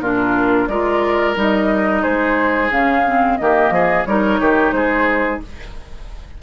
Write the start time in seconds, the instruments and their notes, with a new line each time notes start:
0.00 bassoon A#2, clarinet D4, oboe F4, flute A#4
0.68 bassoon G#3, clarinet F4, oboe A#4, flute D5
1.36 bassoon G3, clarinet D#4
1.42 flute D#5
2.02 bassoon G#3, oboe G#4, flute C5
2.71 bassoon C#3, clarinet C#4, flute F5
3.06 clarinet C4
3.37 bassoon D#3, clarinet A#3, oboe G4, flute D#5
3.71 bassoon F3, oboe G#4
4.06 bassoon G3, clarinet D#4, oboe A#4, flute C#5
4.41 bassoon D#3, oboe G4
4.72 bassoon G#3, oboe G#4, flute C5